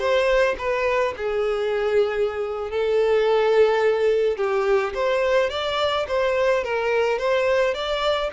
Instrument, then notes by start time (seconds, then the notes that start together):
violin
0.00 C5
0.59 B4
1.17 G#4
2.71 A4
4.38 G4
4.94 C5
5.51 D5
6.08 C5
6.64 A#4
7.19 C5
7.75 D5